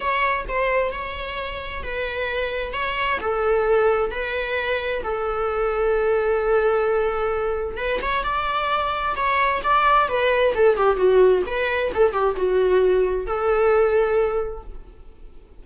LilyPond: \new Staff \with { instrumentName = "viola" } { \time 4/4 \tempo 4 = 131 cis''4 c''4 cis''2 | b'2 cis''4 a'4~ | a'4 b'2 a'4~ | a'1~ |
a'4 b'8 cis''8 d''2 | cis''4 d''4 b'4 a'8 g'8 | fis'4 b'4 a'8 g'8 fis'4~ | fis'4 a'2. | }